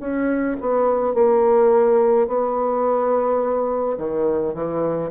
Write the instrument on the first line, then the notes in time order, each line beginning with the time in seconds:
bassoon
0.00 C#4
0.61 B3
1.14 A#3
2.27 B3
3.98 D#3
4.54 E3